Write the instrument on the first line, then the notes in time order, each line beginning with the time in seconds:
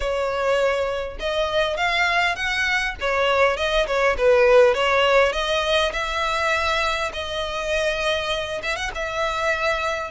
violin
0.00 C#5
1.19 D#5
1.76 F5
2.35 F#5
3.00 C#5
3.56 D#5
3.86 C#5
4.17 B4
4.74 C#5
5.32 D#5
5.92 E5
7.13 D#5
8.62 E5
8.75 F#5
8.94 E5